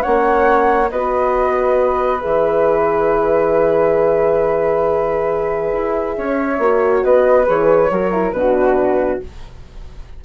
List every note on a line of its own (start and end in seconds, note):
0.00 0.88 C#4
0.00 0.90 C#5
0.00 0.89 F#5
0.06 0.91 A#3
0.90 2.22 B3
0.90 2.20 F#4
0.90 6.16 B4
0.90 2.19 D#5
2.19 5.72 E3
2.19 6.58 G#4
2.19 7.01 E5
5.72 6.16 E4
6.17 6.58 C#4
6.17 7.04 C#5
6.58 7.02 A#3
6.58 7.46 F#4
7.03 7.47 B3
7.03 7.91 B4
7.03 7.46 D#5
7.46 7.90 E3
7.46 7.90 G#4
7.46 8.32 C#5
7.90 8.32 F#3
7.90 8.12 F#4
7.90 8.36 A#4
8.12 8.34 E4
8.32 9.19 B2
8.32 9.22 D4
8.32 9.24 F#4
8.32 9.19 B4